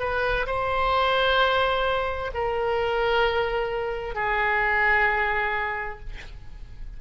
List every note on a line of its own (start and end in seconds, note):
0.00 0.46 B4
0.47 2.31 C5
2.34 4.15 A#4
4.15 6.00 G#4